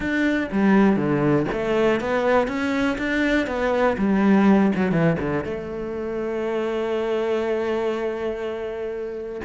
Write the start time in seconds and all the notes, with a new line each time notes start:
0.00 D4
0.52 G3
0.96 D3
1.52 A3
2.00 B3
2.47 C#4
2.98 D4
3.46 B3
3.97 G3
4.75 F#3
4.91 E3
5.19 D3
5.44 A3